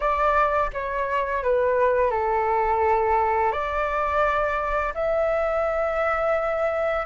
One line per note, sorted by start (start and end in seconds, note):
0.00 0.70 D5
0.73 1.43 C#5
1.43 2.10 B4
2.10 3.51 A4
3.51 4.93 D5
4.94 7.06 E5